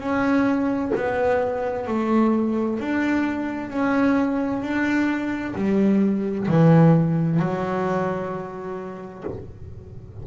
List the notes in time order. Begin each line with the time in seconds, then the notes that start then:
0.00 C#4
0.96 B3
1.88 A3
2.80 D4
3.70 C#4
4.63 D4
5.56 G3
6.48 E3
7.40 F#3